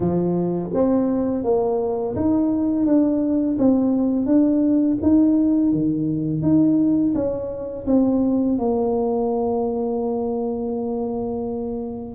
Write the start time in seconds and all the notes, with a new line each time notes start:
0.00 F3
0.73 C4
1.44 A#3
2.15 D#4
2.86 D4
3.58 C4
4.26 D4
5.02 D#4
5.72 D#3
6.42 D#4
7.14 C#4
7.86 C4
8.58 A#3